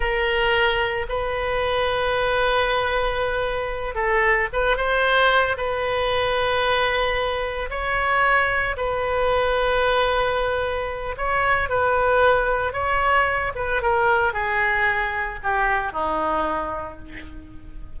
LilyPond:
\new Staff \with { instrumentName = "oboe" } { \time 4/4 \tempo 4 = 113 ais'2 b'2~ | b'2.~ b'8 a'8~ | a'8 b'8 c''4. b'4.~ | b'2~ b'8 cis''4.~ |
cis''8 b'2.~ b'8~ | b'4 cis''4 b'2 | cis''4. b'8 ais'4 gis'4~ | gis'4 g'4 dis'2 | }